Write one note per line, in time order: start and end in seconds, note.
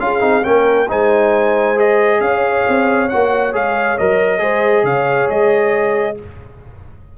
0.00 0.22 C#4
0.00 0.20 F4
0.00 0.47 G#4
0.00 0.45 F5
0.20 0.44 C4
0.20 0.42 D#4
0.43 0.90 A#3
0.43 0.87 C#4
0.43 0.88 A#4
0.43 0.89 G5
0.88 2.21 G#3
0.88 1.76 D#4
0.88 2.21 C5
0.88 1.80 G#5
1.76 3.09 G#4
1.76 2.21 D#5
2.21 2.65 C#4
2.21 4.42 C#5
2.21 3.09 F5
2.68 3.12 C4
3.09 3.54 A#3
3.09 3.53 F#4
3.09 3.53 F#5
3.53 3.98 G#3
3.53 3.97 G#4
3.53 3.99 F5
3.99 4.41 F#3
3.99 4.39 A#4
3.99 4.86 D#5
4.39 4.84 G#3
4.39 6.15 G#4
4.39 4.85 C5
4.84 5.28 C#3
4.84 6.18 C#5
4.84 5.30 F5
5.30 6.18 G#3
5.30 6.18 D#5